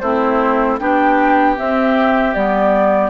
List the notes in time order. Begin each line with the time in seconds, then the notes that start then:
0.00 A3 C4 E4 C5
0.79 B3 D4 G4 G5
1.57 C4 E5
2.35 G3 B3 D5